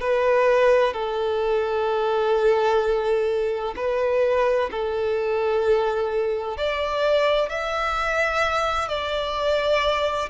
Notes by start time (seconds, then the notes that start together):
0.00 B4
0.92 A4
3.76 B4
4.70 A4
6.57 D5
7.49 E5
8.88 D5